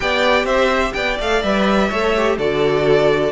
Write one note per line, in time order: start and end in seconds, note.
0.00 0.44 B3
0.00 1.16 G4
0.00 0.45 D5
0.00 0.45 G5
0.44 0.91 C4
0.44 0.93 C5
0.44 0.93 E5
0.93 1.18 B3
0.93 1.88 D5
0.93 1.16 G5
1.19 1.43 A3
1.19 1.42 A4
1.19 1.42 F5
1.42 1.90 G3
1.42 1.90 B4
1.42 2.38 E5
1.88 2.38 A3
1.88 2.14 A4
1.88 2.36 C#5
2.16 2.39 G4
2.38 3.32 D3
2.38 3.32 F#4
2.38 3.32 A4
2.38 3.32 D5